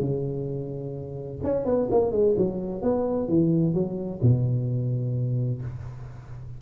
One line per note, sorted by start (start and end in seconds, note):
0.00 1.40 C#3
1.44 1.65 C#4
1.65 1.88 B3
1.91 2.12 A#3
2.12 2.35 G#3
2.37 2.82 F#3
2.82 3.28 B3
3.28 3.74 E3
3.74 4.21 F#3
4.22 5.62 B2